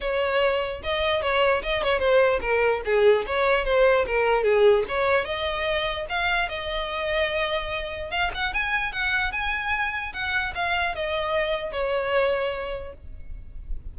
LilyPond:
\new Staff \with { instrumentName = "violin" } { \time 4/4 \tempo 4 = 148 cis''2 dis''4 cis''4 | dis''8 cis''8 c''4 ais'4 gis'4 | cis''4 c''4 ais'4 gis'4 | cis''4 dis''2 f''4 |
dis''1 | f''8 fis''8 gis''4 fis''4 gis''4~ | gis''4 fis''4 f''4 dis''4~ | dis''4 cis''2. | }